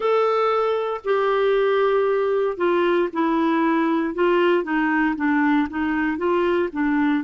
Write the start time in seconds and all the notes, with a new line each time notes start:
0.00 A4
1.04 G4
2.57 F4
3.12 E4
4.14 F4
4.63 D#4
5.16 D4
5.69 D#4
6.17 F4
6.72 D4